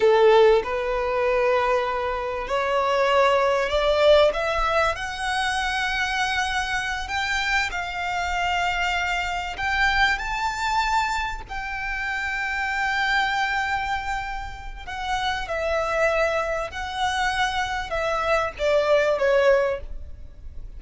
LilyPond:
\new Staff \with { instrumentName = "violin" } { \time 4/4 \tempo 4 = 97 a'4 b'2. | cis''2 d''4 e''4 | fis''2.~ fis''8 g''8~ | g''8 f''2. g''8~ |
g''8 a''2 g''4.~ | g''1 | fis''4 e''2 fis''4~ | fis''4 e''4 d''4 cis''4 | }